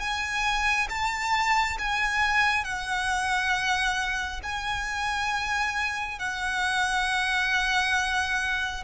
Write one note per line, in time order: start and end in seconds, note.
0.00 0.88 G#5
0.89 1.78 A5
1.79 2.64 G#5
2.64 4.41 F#5
4.43 6.19 G#5
6.19 8.84 F#5